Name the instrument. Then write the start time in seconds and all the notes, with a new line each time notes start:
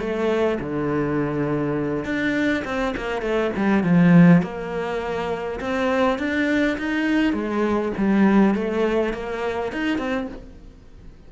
cello
0.00 A3
0.60 D3
2.05 D4
2.65 C4
2.97 A#3
3.22 A3
3.56 G3
3.83 F3
4.42 A#3
5.60 C4
6.18 D4
6.78 D#4
7.33 G#3
7.97 G3
8.55 A3
9.13 A#3
9.72 D#4
9.98 C4